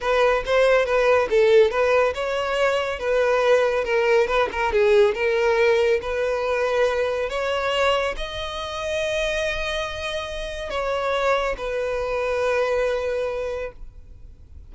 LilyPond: \new Staff \with { instrumentName = "violin" } { \time 4/4 \tempo 4 = 140 b'4 c''4 b'4 a'4 | b'4 cis''2 b'4~ | b'4 ais'4 b'8 ais'8 gis'4 | ais'2 b'2~ |
b'4 cis''2 dis''4~ | dis''1~ | dis''4 cis''2 b'4~ | b'1 | }